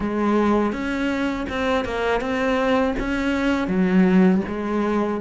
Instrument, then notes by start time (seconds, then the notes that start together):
cello
0.00 G#3
0.72 C#4
1.49 C4
1.85 A#3
2.20 C4
2.99 C#4
3.67 F#3
4.47 G#3